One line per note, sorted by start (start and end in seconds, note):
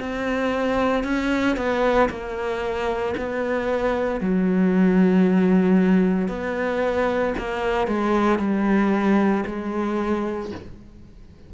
0.00 1.04 C4
1.04 1.57 C#4
1.57 2.10 B3
2.10 3.15 A#3
3.17 4.21 B3
4.21 6.29 F#3
6.29 7.34 B3
7.38 7.88 A#3
7.88 8.39 G#3
8.39 9.44 G3
9.47 10.52 G#3